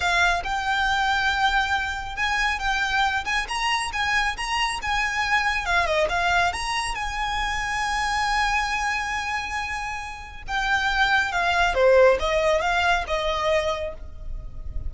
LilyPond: \new Staff \with { instrumentName = "violin" } { \time 4/4 \tempo 4 = 138 f''4 g''2.~ | g''4 gis''4 g''4. gis''8 | ais''4 gis''4 ais''4 gis''4~ | gis''4 f''8 dis''8 f''4 ais''4 |
gis''1~ | gis''1 | g''2 f''4 c''4 | dis''4 f''4 dis''2 | }